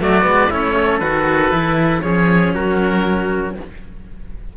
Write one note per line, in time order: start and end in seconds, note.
0.00 0.25 F#3
0.00 0.22 A3
0.00 0.49 F#4
0.00 0.52 D5
0.22 0.50 G#3
0.22 0.47 B3
0.49 1.00 A3
0.49 1.01 C#4
0.49 0.75 E4
0.49 0.99 C#5
0.77 2.04 A4
0.99 1.51 D#3
0.99 1.51 F#4
0.99 2.01 B4
1.51 2.02 E3
1.51 2.02 E4
2.01 2.54 F3
2.01 3.55 C#4
2.01 2.54 G#4
2.01 2.52 C#5
2.54 3.56 F#3
2.54 3.56 F#4
2.54 3.56 A#4